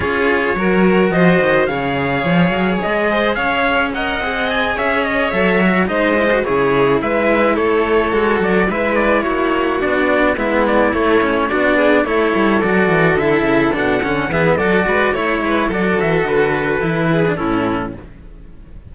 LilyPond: <<
  \new Staff \with { instrumentName = "trumpet" } { \time 4/4 \tempo 4 = 107 cis''2 dis''4 f''4~ | f''4 dis''4 f''4 fis''4 | gis''8 e''8 dis''8 e''4 dis''4 cis''8~ | cis''8 e''4 cis''4. d''8 e''8 |
d''8 cis''4 d''4 e''8 d''8 cis''8~ | cis''8 d''4 cis''4 d''4 e''8~ | e''8 fis''4 e''8 d''4 cis''4 | d''8 e''8 b'2 a'4 | }
  \new Staff \with { instrumentName = "violin" } { \time 4/4 gis'4 ais'4 c''4 cis''4~ | cis''4. c''8 cis''4 dis''4~ | dis''8 cis''2 c''4 gis'8~ | gis'8 b'4 a'2 b'8~ |
b'8 fis'2 e'4.~ | e'8 fis'8 gis'8 a'2~ a'8~ | a'4. gis'8 a'8 b'8 cis''8 b'8 | a'2~ a'8 gis'8 e'4 | }
  \new Staff \with { instrumentName = "cello" } { \time 4/4 f'4 fis'2 gis'4~ | gis'2. ais'8 gis'8~ | gis'4. a'8 fis'8 dis'8 e'16 fis'16 e'8~ | e'2~ e'8 fis'4 e'8~ |
e'4. d'4 b4 a8 | cis'8 d'4 e'4 fis'4 e'8~ | e'8 d'8 cis'8 b8 fis'4 e'4 | fis'2 e'8. d'16 cis'4 | }
  \new Staff \with { instrumentName = "cello" } { \time 4/4 cis'4 fis4 f8 dis8 cis4 | f8 fis8 gis4 cis'4. c'8~ | c'8 cis'4 fis4 gis4 cis8~ | cis8 gis4 a4 gis8 fis8 gis8~ |
gis8 ais4 b4 gis4 a8~ | a8 b4 a8 g8 fis8 e8 d8 | cis8 b,8 d8 e8 fis8 gis8 a8 gis8 | fis8 e8 d4 e4 a,4 | }
>>